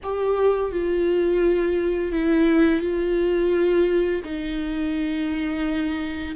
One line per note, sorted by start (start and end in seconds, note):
0.03 0.71 G4
0.71 2.12 F4
2.12 2.80 E4
2.80 4.21 F4
4.24 6.35 D#4